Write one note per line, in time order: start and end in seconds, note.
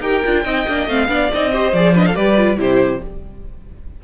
0.00 0.21 D#4
0.00 0.23 G4
0.00 0.44 A#4
0.00 0.88 G5
0.25 0.45 D4
0.25 0.44 F4
0.44 0.66 C4
0.44 0.66 D#4
0.44 1.08 D#5
0.67 0.87 A#3
0.67 0.89 D4
0.87 1.08 A3
0.87 1.08 C4
0.87 1.32 F5
1.08 1.29 B3
1.08 1.30 D4
1.08 1.52 D5
1.33 1.73 C4
1.33 1.52 D#4
1.33 1.74 D#5
1.52 1.73 G4
1.52 1.94 C5
1.73 2.16 F3
1.73 1.95 G#4
1.73 1.95 D5
1.94 2.13 D4
1.94 2.04 B4
1.94 2.06 D#5
2.06 2.15 A4
2.06 2.15 F5
2.13 2.57 G3
2.13 2.35 G4
2.13 2.58 B4
2.13 2.58 D5
2.37 2.57 F4
2.57 3.00 C3
2.57 3.00 E4
2.57 3.02 G4
2.57 3.03 C5